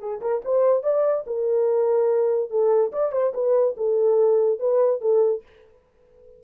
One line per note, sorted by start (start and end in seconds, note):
0.00 0.21 G#4
0.21 0.42 A#4
0.45 0.83 C5
0.83 1.25 D5
1.27 2.50 A#4
2.50 2.92 A4
2.93 3.12 D5
3.12 3.33 C5
3.34 3.76 B4
3.77 4.59 A4
4.59 5.01 B4
5.01 5.43 A4